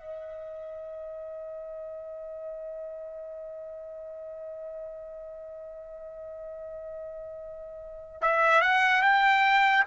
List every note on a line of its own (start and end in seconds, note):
0.00 8.22 D#5
8.22 8.62 E5
8.62 9.02 F#5
9.02 9.84 G5